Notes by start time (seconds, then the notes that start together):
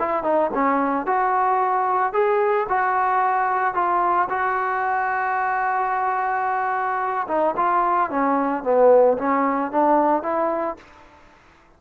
0.00 E4
0.24 D#4
0.54 C#4
1.07 F#4
2.14 G#4
2.70 F#4
3.74 F4
4.30 F#4
7.28 D#4
7.57 F4
8.11 C#4
8.64 B3
9.18 C#4
9.72 D4
10.23 E4